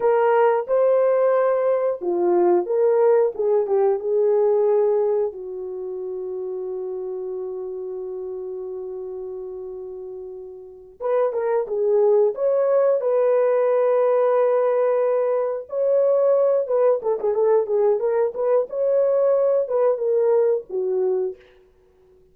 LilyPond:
\new Staff \with { instrumentName = "horn" } { \time 4/4 \tempo 4 = 90 ais'4 c''2 f'4 | ais'4 gis'8 g'8 gis'2 | fis'1~ | fis'1~ |
fis'8 b'8 ais'8 gis'4 cis''4 b'8~ | b'2.~ b'8 cis''8~ | cis''4 b'8 a'16 gis'16 a'8 gis'8 ais'8 b'8 | cis''4. b'8 ais'4 fis'4 | }